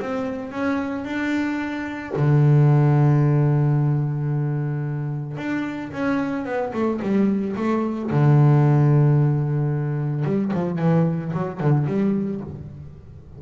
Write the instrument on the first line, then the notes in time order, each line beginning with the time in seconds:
double bass
0.00 C4
0.51 C#4
1.04 D4
2.16 D3
5.37 D4
5.92 C#4
6.45 B3
6.73 A3
7.02 G3
7.56 A3
8.11 D3
10.25 G3
10.53 F3
10.78 E3
11.33 F#3
11.60 D3
11.86 G3